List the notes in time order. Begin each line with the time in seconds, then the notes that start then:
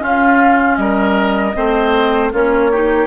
0.00 C#4 F4 F5
0.76 G3 A#4 D#5
1.56 A3 C4 C5
2.33 A#3 C#4 F4 C#5
2.71 D#4 G4